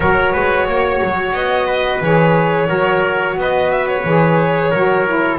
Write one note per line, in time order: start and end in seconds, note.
0.00 0.33 F#3
0.00 2.03 F#4
0.00 0.32 A#4
0.00 1.33 C#5
0.32 0.67 G#3
0.32 0.66 B4
0.67 1.01 A#3
0.67 1.66 C#5
1.03 1.33 F#3
1.33 2.00 B3
1.33 2.00 D#5
1.66 2.67 B4
2.01 2.68 E3
2.01 2.67 G#4
2.01 3.39 C#5
2.67 3.36 F#3
2.67 4.02 F#4
2.67 3.36 A#4
3.36 4.04 B3
3.36 4.70 B4
3.36 3.71 D#5
3.71 3.87 E5
3.87 5.38 C#5
4.04 4.71 E3
4.04 4.73 G#4
4.70 5.38 F#3
4.70 5.07 F#4
4.70 5.37 A#4
5.07 5.38 E4